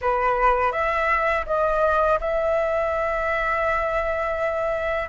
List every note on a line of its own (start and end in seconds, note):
0.01 0.72 B4
0.72 1.45 E5
1.46 2.19 D#5
2.20 5.09 E5